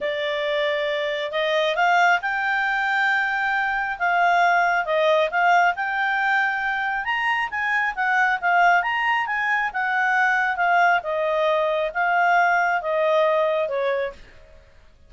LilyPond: \new Staff \with { instrumentName = "clarinet" } { \time 4/4 \tempo 4 = 136 d''2. dis''4 | f''4 g''2.~ | g''4 f''2 dis''4 | f''4 g''2. |
ais''4 gis''4 fis''4 f''4 | ais''4 gis''4 fis''2 | f''4 dis''2 f''4~ | f''4 dis''2 cis''4 | }